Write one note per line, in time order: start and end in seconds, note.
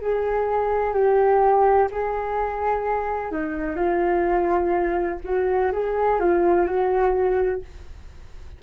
0.00 0.93 G#4
0.93 1.88 G4
1.91 3.31 G#4
3.31 3.76 D#4
3.76 5.19 F4
5.24 5.71 F#4
5.72 6.19 G#4
6.19 6.66 F4
6.66 7.61 F#4